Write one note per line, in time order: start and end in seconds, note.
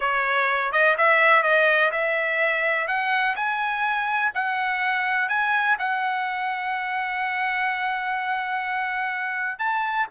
0.00 0.72 C#5
0.72 0.96 D#5
0.97 1.43 E5
1.43 1.91 D#5
1.91 2.87 E5
2.87 3.35 F#5
3.36 4.32 G#5
4.34 5.28 F#5
5.28 5.76 G#5
5.78 9.59 F#5
9.59 10.07 A5